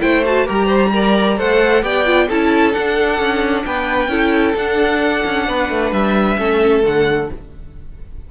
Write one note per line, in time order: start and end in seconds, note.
0.00 0.48 A3
0.00 0.23 E4
0.00 0.46 C5
0.00 0.24 G5
0.25 0.46 F#4
0.25 0.48 A5
0.46 1.39 G3
0.46 0.91 G4
0.46 0.66 A#4
0.46 1.38 A#5
0.66 0.89 C5
0.93 1.37 A#4
0.93 1.37 D5
1.37 1.83 A3
1.37 1.82 A4
1.37 1.83 C5
1.37 1.83 F#5
1.82 2.28 B3
1.82 2.05 G4
1.82 2.28 D5
1.82 2.28 G5
2.05 2.28 F4
2.28 2.75 C#4
2.28 2.73 E4
2.28 3.64 A4
2.28 2.73 A5
2.73 4.09 D4
2.73 3.19 D4
2.73 3.64 F#5
3.19 3.64 C#4
3.66 4.08 B3
3.66 4.11 B4
3.66 4.56 G5
4.08 4.53 C#4
4.08 4.55 E4
4.08 5.47 A4
4.56 5.24 D4
4.56 6.37 D4
4.56 5.92 F#5
5.25 5.48 C#4
5.48 5.69 B3
5.48 6.38 B4
5.69 5.91 A3
5.91 6.37 G3
5.91 6.83 E5
6.37 6.83 A3
6.37 6.82 C#4
6.37 7.30 A4
6.82 7.29 D3
6.82 7.28 A3
6.82 7.31 F#5